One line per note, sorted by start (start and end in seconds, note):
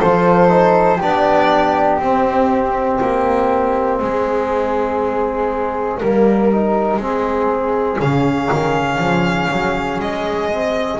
0.00 1.01 F3
0.00 0.48 F4
0.00 0.98 A4
0.00 1.00 C5
0.48 0.98 D#4
0.98 1.99 B3
0.98 2.01 D4
0.98 3.98 G4
0.98 2.01 D5
1.99 2.99 C4
1.99 6.02 C4
1.99 8.00 D#5
3.01 4.01 A#3
4.01 6.01 G#3
4.01 6.00 G#4
6.00 6.97 G3
6.00 6.52 A#3
6.00 7.00 A#4
6.52 7.00 D#4
6.97 7.97 G#3
6.97 8.00 C4
6.97 11.00 G#4
8.00 8.50 C#3
8.00 10.52 C#4
8.00 10.00 F5
8.52 8.98 D#3
8.98 9.48 F3
9.51 10.00 F#3
10.00 11.00 G#3
10.00 11.00 D#5
10.52 11.00 C4